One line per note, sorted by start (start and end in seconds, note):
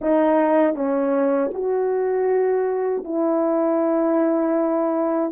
0.01 0.74 D#4
0.74 1.50 C#4
1.53 3.04 F#4
3.04 5.32 E4